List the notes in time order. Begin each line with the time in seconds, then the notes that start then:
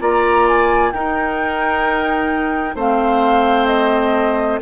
0.00 A#3 F4 D5 A#5
0.48 G#5
0.92 D#4 A#4 G5
2.75 A3 C4 C5 F5
3.66 D#5